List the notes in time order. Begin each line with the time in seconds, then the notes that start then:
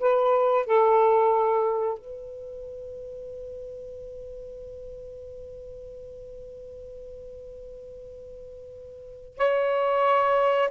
0.00 B4
0.66 A4
1.98 B4
9.38 C#5